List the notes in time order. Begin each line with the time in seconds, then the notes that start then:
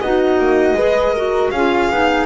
0.00 B3 D#4 F#4 D#5
0.39 A#3
0.73 G#3 G#4 B4
1.13 F#4 A#4
1.50 C#4 F4 G#4 F5
1.90 B3 D#4